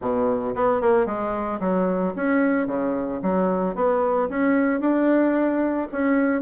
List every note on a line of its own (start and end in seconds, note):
0.01 0.55 B2
0.55 0.81 B3
0.81 1.06 A#3
1.06 1.59 G#3
1.59 2.13 F#3
2.16 2.66 C#4
2.66 3.20 C#3
3.22 3.75 F#3
3.75 4.28 B3
4.29 4.80 C#4
4.80 5.87 D4
5.91 6.41 C#4